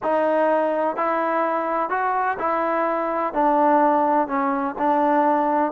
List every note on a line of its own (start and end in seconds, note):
0.02 0.96 D#4
0.96 1.89 E4
1.89 2.37 F#4
2.38 3.33 E4
3.33 4.27 D4
4.27 4.75 C#4
4.78 5.72 D4